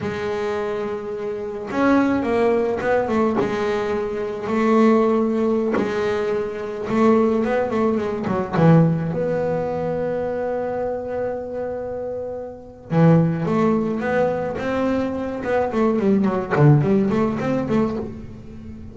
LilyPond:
\new Staff \with { instrumentName = "double bass" } { \time 4/4 \tempo 4 = 107 gis2. cis'4 | ais4 b8 a8 gis2 | a2~ a16 gis4.~ gis16~ | gis16 a4 b8 a8 gis8 fis8 e8.~ |
e16 b2.~ b8.~ | b2. e4 | a4 b4 c'4. b8 | a8 g8 fis8 d8 g8 a8 c'8 a8 | }